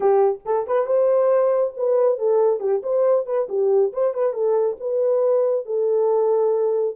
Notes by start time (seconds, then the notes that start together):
0.00 G4
0.45 A4
0.67 B4
0.86 C5
1.76 B4
2.18 A4
2.60 G4
2.82 C5
3.26 B4
3.48 G4
3.92 C5
4.14 B4
4.33 A4
4.79 B4
5.65 A4